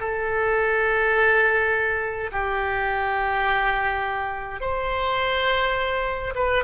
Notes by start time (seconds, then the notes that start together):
0.00 A4
2.32 G4
4.61 C5
6.35 B4